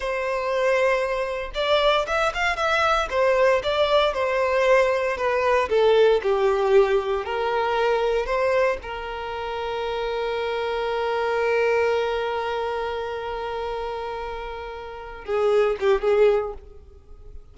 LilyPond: \new Staff \with { instrumentName = "violin" } { \time 4/4 \tempo 4 = 116 c''2. d''4 | e''8 f''8 e''4 c''4 d''4 | c''2 b'4 a'4 | g'2 ais'2 |
c''4 ais'2.~ | ais'1~ | ais'1~ | ais'4. gis'4 g'8 gis'4 | }